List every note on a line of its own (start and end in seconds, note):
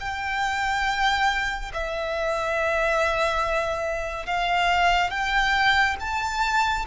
0.00 1.71 G5
1.73 4.26 E5
4.26 5.10 F5
5.10 5.96 G5
6.00 6.86 A5